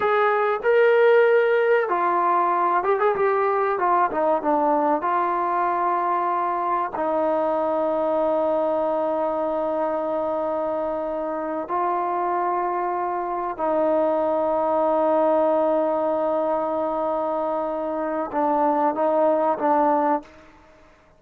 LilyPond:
\new Staff \with { instrumentName = "trombone" } { \time 4/4 \tempo 4 = 95 gis'4 ais'2 f'4~ | f'8 g'16 gis'16 g'4 f'8 dis'8 d'4 | f'2. dis'4~ | dis'1~ |
dis'2~ dis'8 f'4.~ | f'4. dis'2~ dis'8~ | dis'1~ | dis'4 d'4 dis'4 d'4 | }